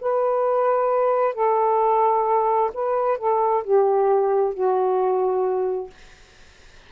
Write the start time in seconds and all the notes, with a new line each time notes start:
0.00 B4
1.34 A4
2.74 B4
3.17 A4
3.64 G4
4.53 F#4